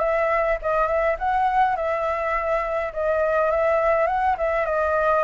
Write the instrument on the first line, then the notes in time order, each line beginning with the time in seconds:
flute
0.00 E5
0.62 D#5
0.88 E5
1.19 F#5
1.76 E5
2.94 D#5
3.51 E5
4.07 F#5
4.38 E5
4.66 D#5